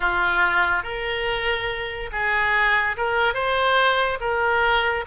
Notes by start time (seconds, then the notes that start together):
0.00 F4
0.83 A#4
2.12 G#4
2.96 A#4
3.34 C5
4.20 A#4